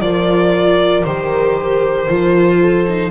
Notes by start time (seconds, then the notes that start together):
0.00 F3 F4 A#4 D5
1.04 D#3 G4 C5
2.08 F3 F4
2.60 A4
2.88 D#4